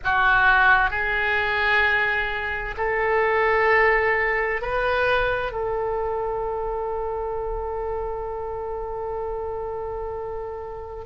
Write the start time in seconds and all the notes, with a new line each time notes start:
0.03 F#4
0.90 G#4
2.77 A4
4.61 B4
5.51 A4